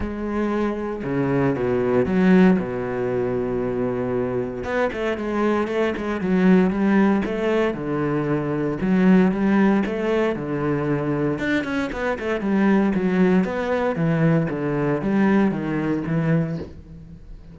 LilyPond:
\new Staff \with { instrumentName = "cello" } { \time 4/4 \tempo 4 = 116 gis2 cis4 b,4 | fis4 b,2.~ | b,4 b8 a8 gis4 a8 gis8 | fis4 g4 a4 d4~ |
d4 fis4 g4 a4 | d2 d'8 cis'8 b8 a8 | g4 fis4 b4 e4 | d4 g4 dis4 e4 | }